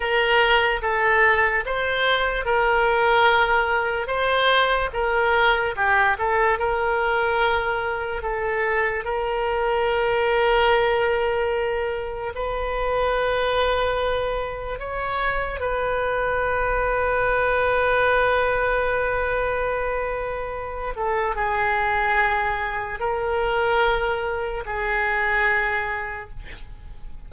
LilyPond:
\new Staff \with { instrumentName = "oboe" } { \time 4/4 \tempo 4 = 73 ais'4 a'4 c''4 ais'4~ | ais'4 c''4 ais'4 g'8 a'8 | ais'2 a'4 ais'4~ | ais'2. b'4~ |
b'2 cis''4 b'4~ | b'1~ | b'4. a'8 gis'2 | ais'2 gis'2 | }